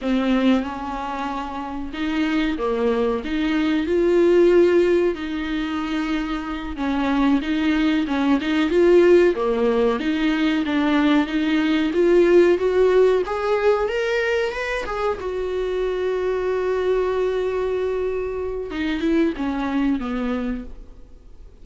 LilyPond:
\new Staff \with { instrumentName = "viola" } { \time 4/4 \tempo 4 = 93 c'4 cis'2 dis'4 | ais4 dis'4 f'2 | dis'2~ dis'8 cis'4 dis'8~ | dis'8 cis'8 dis'8 f'4 ais4 dis'8~ |
dis'8 d'4 dis'4 f'4 fis'8~ | fis'8 gis'4 ais'4 b'8 gis'8 fis'8~ | fis'1~ | fis'4 dis'8 e'8 cis'4 b4 | }